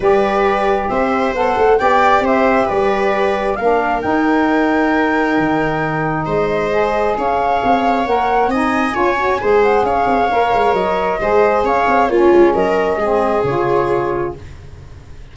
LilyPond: <<
  \new Staff \with { instrumentName = "flute" } { \time 4/4 \tempo 4 = 134 d''2 e''4 fis''4 | g''4 e''4 d''2 | f''4 g''2.~ | g''2 dis''2 |
f''2 fis''4 gis''4~ | gis''4. fis''8 f''2 | dis''2 f''4 cis''4 | dis''2 cis''2 | }
  \new Staff \with { instrumentName = "viola" } { \time 4/4 b'2 c''2 | d''4 c''4 b'2 | ais'1~ | ais'2 c''2 |
cis''2. dis''4 | cis''4 c''4 cis''2~ | cis''4 c''4 cis''4 f'4 | ais'4 gis'2. | }
  \new Staff \with { instrumentName = "saxophone" } { \time 4/4 g'2. a'4 | g'1 | d'4 dis'2.~ | dis'2. gis'4~ |
gis'2 ais'4 dis'4 | f'8 fis'8 gis'2 ais'4~ | ais'4 gis'2 cis'4~ | cis'4 c'4 f'2 | }
  \new Staff \with { instrumentName = "tuba" } { \time 4/4 g2 c'4 b8 a8 | b4 c'4 g2 | ais4 dis'2. | dis2 gis2 |
cis'4 c'4 ais4 c'4 | cis'4 gis4 cis'8 c'8 ais8 gis8 | fis4 gis4 cis'8 c'8 ais8 gis8 | fis4 gis4 cis2 | }
>>